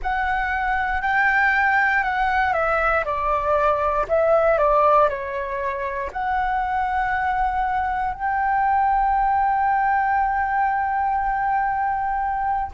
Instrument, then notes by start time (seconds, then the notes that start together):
flute
0.02 F#5
1.01 G5
2.03 F#5
2.53 E5
3.04 D5
4.08 E5
4.58 D5
5.09 C#5
6.12 F#5
8.14 G5